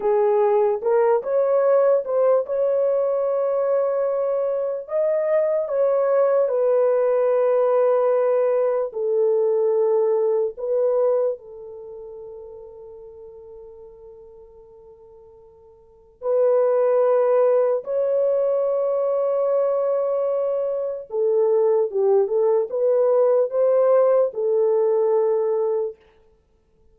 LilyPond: \new Staff \with { instrumentName = "horn" } { \time 4/4 \tempo 4 = 74 gis'4 ais'8 cis''4 c''8 cis''4~ | cis''2 dis''4 cis''4 | b'2. a'4~ | a'4 b'4 a'2~ |
a'1 | b'2 cis''2~ | cis''2 a'4 g'8 a'8 | b'4 c''4 a'2 | }